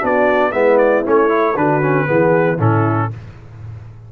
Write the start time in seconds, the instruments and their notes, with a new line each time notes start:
0.00 tuba B3, trombone D4, horn F#4, trumpet D5
0.51 tuba G#3, trombone B3, horn E4, trumpet E5
0.78 trumpet D5
1.04 tuba A3, trombone C#4, trumpet C#5
1.28 trombone E4
1.56 tuba D3, trombone D4, horn F#4, trumpet B4
1.81 trombone C#4
2.06 tuba E3, trombone B3, horn G#4
2.58 tuba A2, trombone C#4, horn E4, trumpet A4